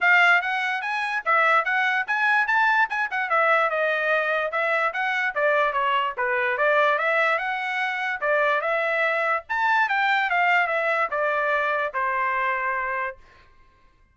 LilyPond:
\new Staff \with { instrumentName = "trumpet" } { \time 4/4 \tempo 4 = 146 f''4 fis''4 gis''4 e''4 | fis''4 gis''4 a''4 gis''8 fis''8 | e''4 dis''2 e''4 | fis''4 d''4 cis''4 b'4 |
d''4 e''4 fis''2 | d''4 e''2 a''4 | g''4 f''4 e''4 d''4~ | d''4 c''2. | }